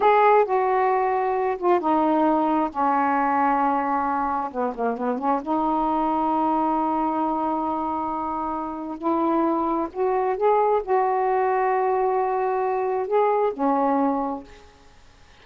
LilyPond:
\new Staff \with { instrumentName = "saxophone" } { \time 4/4 \tempo 4 = 133 gis'4 fis'2~ fis'8 f'8 | dis'2 cis'2~ | cis'2 b8 ais8 b8 cis'8 | dis'1~ |
dis'1 | e'2 fis'4 gis'4 | fis'1~ | fis'4 gis'4 cis'2 | }